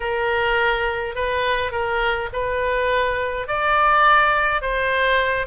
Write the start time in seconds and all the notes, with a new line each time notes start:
0.00 A#4
1.15 B4
1.71 A#4
2.32 B4
3.47 D5
4.61 C5